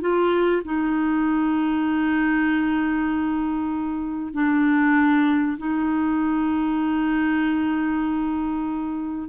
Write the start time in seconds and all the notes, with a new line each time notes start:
0.00 F4
0.64 D#4
4.33 D4
5.58 D#4